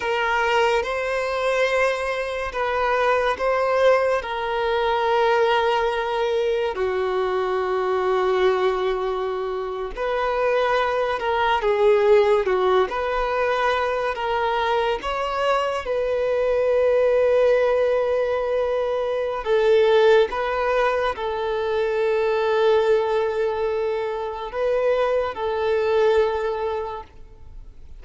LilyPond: \new Staff \with { instrumentName = "violin" } { \time 4/4 \tempo 4 = 71 ais'4 c''2 b'4 | c''4 ais'2. | fis'2.~ fis'8. b'16~ | b'4~ b'16 ais'8 gis'4 fis'8 b'8.~ |
b'8. ais'4 cis''4 b'4~ b'16~ | b'2. a'4 | b'4 a'2.~ | a'4 b'4 a'2 | }